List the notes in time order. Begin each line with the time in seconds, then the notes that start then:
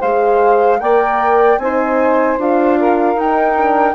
0.00 G#3 G#4 C5 F5
0.80 A#3 A#4 D5 G5
1.58 C4 D#4 C5 G#5
2.39 D4 F4 F5
2.80 A#4
3.16 D#4 G5
3.57 D4